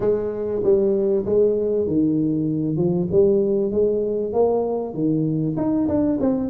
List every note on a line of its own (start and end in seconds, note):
0.00 0.62 G#3
0.63 1.25 G3
1.25 1.87 G#3
1.87 2.76 D#3
2.76 3.07 F3
3.11 3.71 G3
3.71 4.32 G#3
4.32 4.93 A#3
4.93 5.55 D#3
5.56 5.87 D#4
5.88 6.19 D4
6.20 6.49 C4